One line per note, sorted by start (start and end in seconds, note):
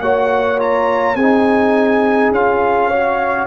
0.00 1.15 A#3
0.00 0.58 F#4
0.00 1.16 C#5
0.00 0.59 F#5
0.58 1.16 F4
0.58 1.16 A#5
1.15 2.31 C4
1.15 2.88 G#4
1.15 2.31 G#5
1.22 2.35 D#4
2.31 3.47 C#4
2.31 2.92 F4
2.31 3.47 F5
2.88 3.47 F#4
2.88 3.46 C#5